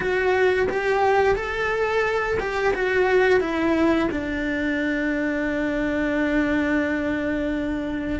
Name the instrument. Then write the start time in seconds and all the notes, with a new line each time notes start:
cello
0.00 F#4
0.69 G4
1.35 A4
2.39 G4
2.74 F#4
3.40 E4
4.11 D4